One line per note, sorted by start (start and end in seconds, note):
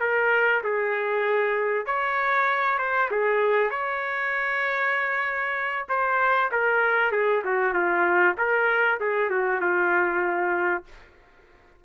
0.00 0.62 A#4
0.63 1.86 G#4
1.86 2.78 C#5
2.78 3.09 C5
3.11 3.70 G#4
3.70 5.87 C#5
5.89 6.51 C5
6.51 7.12 A#4
7.12 7.43 G#4
7.44 7.73 F#4
7.73 8.35 F4
8.37 8.99 A#4
9.00 9.30 G#4
9.30 9.61 F#4
9.61 10.84 F4